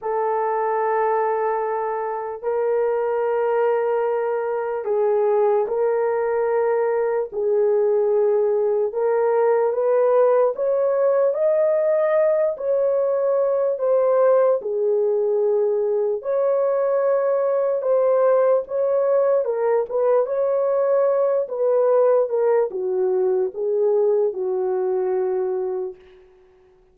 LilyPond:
\new Staff \with { instrumentName = "horn" } { \time 4/4 \tempo 4 = 74 a'2. ais'4~ | ais'2 gis'4 ais'4~ | ais'4 gis'2 ais'4 | b'4 cis''4 dis''4. cis''8~ |
cis''4 c''4 gis'2 | cis''2 c''4 cis''4 | ais'8 b'8 cis''4. b'4 ais'8 | fis'4 gis'4 fis'2 | }